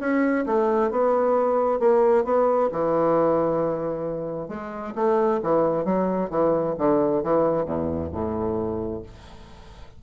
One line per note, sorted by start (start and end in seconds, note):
0.00 0.45 C#4
0.46 0.91 A3
0.91 1.80 B3
1.80 2.25 A#3
2.25 2.70 B3
2.72 4.48 E3
4.48 4.94 G#3
4.95 5.41 A3
5.43 5.85 E3
5.85 6.30 F#3
6.30 6.75 E3
6.78 7.23 D3
7.23 7.65 E3
7.65 8.11 E2
8.12 9.02 A2